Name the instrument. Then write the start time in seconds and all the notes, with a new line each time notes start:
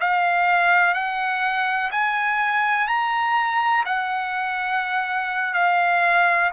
trumpet
0.00 F5
0.94 F#5
1.91 G#5
2.87 A#5
3.85 F#5
5.54 F5